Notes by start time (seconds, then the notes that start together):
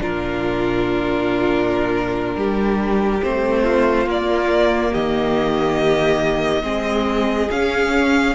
0.00 A#2 D4 F4 A#4
2.36 G3 G4
3.22 A3 C4 C5
3.64 F4
4.07 A#3 D5
4.92 D#3 G4 D#5
6.63 G#3 C4 G#4
7.51 C#4 F5